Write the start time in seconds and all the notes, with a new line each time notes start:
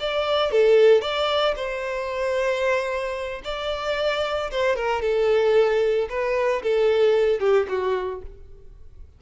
0.00 D5
0.51 A4
1.02 D5
1.56 C5
3.44 D5
4.51 C5
4.76 A#4
5.02 A4
6.09 B4
6.63 A4
7.40 G4
7.69 F#4